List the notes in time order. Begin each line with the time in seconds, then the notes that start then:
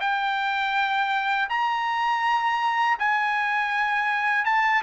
0.00 G5
1.49 A#5
2.99 G#5
4.45 A5